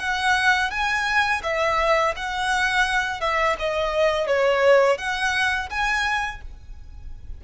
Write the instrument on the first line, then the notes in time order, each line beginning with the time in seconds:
violin
0.00 F#5
0.71 G#5
1.44 E5
2.17 F#5
3.21 E5
3.59 D#5
4.27 C#5
4.98 F#5
5.70 G#5